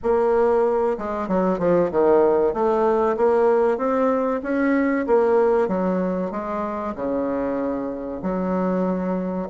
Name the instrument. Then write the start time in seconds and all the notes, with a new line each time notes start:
bassoon
0.03 A#3
0.98 G#3
1.28 F#3
1.58 F3
1.91 D#3
2.53 A3
3.16 A#3
3.77 C4
4.42 C#4
5.06 A#3
5.68 F#3
6.31 G#3
6.95 C#3
8.22 F#3